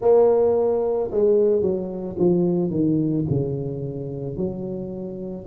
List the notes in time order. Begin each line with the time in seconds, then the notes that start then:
0.01 A#3
1.11 G#3
1.61 F#3
2.18 F3
2.70 D#3
3.29 C#3
4.36 F#3